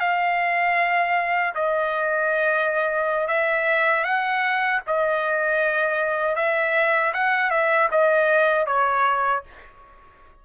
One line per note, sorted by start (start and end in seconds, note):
0.00 1.54 F5
1.55 3.28 D#5
3.28 4.04 E5
4.04 4.81 F#5
4.87 6.36 D#5
6.36 7.13 E5
7.14 7.51 F#5
7.51 7.89 E5
7.91 8.67 D#5
8.67 9.44 C#5